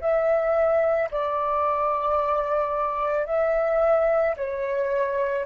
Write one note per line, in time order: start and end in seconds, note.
0.00 1.09 E5
1.11 3.26 D5
3.26 4.35 E5
4.36 5.45 C#5